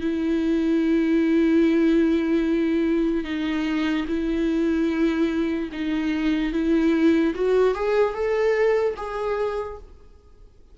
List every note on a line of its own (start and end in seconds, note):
0.00 3.24 E4
3.24 4.05 D#4
4.07 5.69 E4
5.72 6.52 D#4
6.52 7.33 E4
7.35 7.74 F#4
7.74 8.13 G#4
8.13 8.94 A4
8.96 9.77 G#4